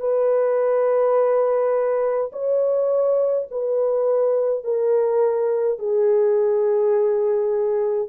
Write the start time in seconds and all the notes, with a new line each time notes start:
0.00 B4
2.32 C#5
3.51 B4
4.64 A#4
5.78 G#4